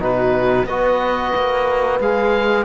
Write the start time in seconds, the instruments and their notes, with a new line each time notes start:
0.00 cello B2, trombone D#4, horn F#4, oboe B4
0.66 cello B3, trombone F#4, horn B4, oboe D#5
1.37 cello A#3
2.00 cello G#3, trombone G#4, oboe F5